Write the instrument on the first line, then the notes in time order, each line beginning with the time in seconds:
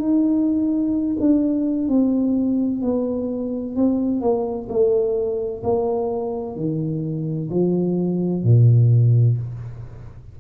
tuba
0.00 D#4
1.20 D4
1.89 C4
2.83 B3
3.76 C4
4.21 A#3
4.69 A3
5.64 A#3
6.57 D#3
7.50 F3
8.44 A#2